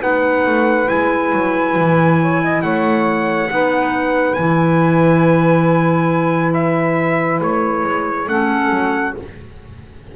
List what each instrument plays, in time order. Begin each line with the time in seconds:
0.00 double bass B3, clarinet D#4, saxophone B4, trumpet F#5
0.46 double bass A3
0.87 double bass G#3, clarinet E4, trumpet G#5
1.32 double bass F#3
1.76 double bass E3
2.21 saxophone C#5
2.43 saxophone D#5
2.62 double bass A3, saxophone C#5, trumpet F#5
3.49 double bass B3, clarinet D#4, saxophone B4
4.34 double bass E3, clarinet E4, trumpet G#5
6.53 trumpet E5
7.41 double bass A3, trumpet C#5
7.84 double bass G#3
8.27 double bass A3, clarinet C#4, saxophone A4, trumpet F#5
8.70 double bass F#3